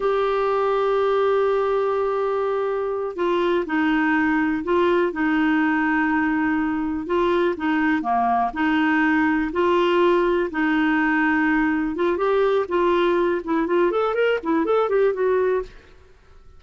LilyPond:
\new Staff \with { instrumentName = "clarinet" } { \time 4/4 \tempo 4 = 123 g'1~ | g'2~ g'8 f'4 dis'8~ | dis'4. f'4 dis'4.~ | dis'2~ dis'8 f'4 dis'8~ |
dis'8 ais4 dis'2 f'8~ | f'4. dis'2~ dis'8~ | dis'8 f'8 g'4 f'4. e'8 | f'8 a'8 ais'8 e'8 a'8 g'8 fis'4 | }